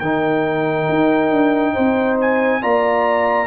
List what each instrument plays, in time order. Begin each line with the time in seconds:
0.00 tuba D#3, trombone D#4, horn A#4, trumpet G5
0.89 tuba D#4
1.31 tuba D4
1.74 tuba C4, horn C5
2.21 trumpet G#5
2.62 tuba A#3, trombone F4, horn D5, trumpet A#5